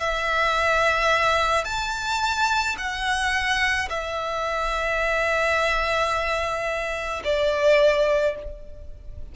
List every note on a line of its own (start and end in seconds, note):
0.00 1.65 E5
1.65 2.76 A5
2.78 3.89 F#5
3.90 7.23 E5
7.25 8.36 D5